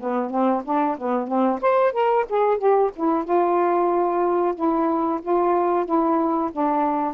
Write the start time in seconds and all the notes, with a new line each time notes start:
0.00 B3
0.30 C4
0.65 D4
0.98 B3
1.27 C4
1.61 C5
1.93 A#4
2.29 G#4
2.58 G4
2.96 E4
3.24 F4
4.55 E4
5.22 F4
5.85 E4
6.52 D4